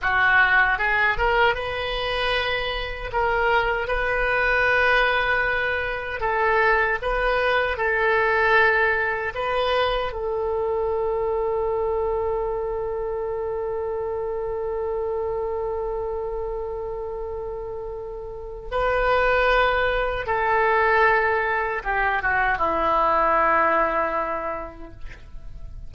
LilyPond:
\new Staff \with { instrumentName = "oboe" } { \time 4/4 \tempo 4 = 77 fis'4 gis'8 ais'8 b'2 | ais'4 b'2. | a'4 b'4 a'2 | b'4 a'2.~ |
a'1~ | a'1 | b'2 a'2 | g'8 fis'8 e'2. | }